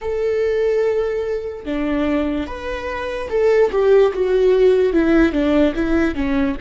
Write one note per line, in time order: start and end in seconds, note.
0.01 1.65 A4
1.65 2.47 D4
2.47 3.29 B4
3.29 3.70 A4
3.71 4.12 G4
4.13 4.92 F#4
4.92 5.32 E4
5.32 5.73 D4
5.75 6.14 E4
6.14 6.55 C#4